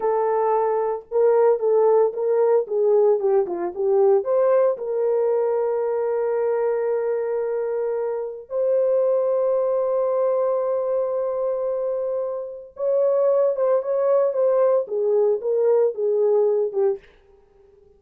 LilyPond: \new Staff \with { instrumentName = "horn" } { \time 4/4 \tempo 4 = 113 a'2 ais'4 a'4 | ais'4 gis'4 g'8 f'8 g'4 | c''4 ais'2.~ | ais'1 |
c''1~ | c''1 | cis''4. c''8 cis''4 c''4 | gis'4 ais'4 gis'4. g'8 | }